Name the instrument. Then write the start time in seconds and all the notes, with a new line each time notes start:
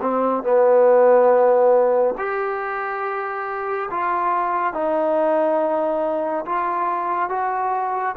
trombone
0.00 C4
0.43 B3
2.17 G4
3.90 F4
4.73 D#4
6.45 F4
7.29 F#4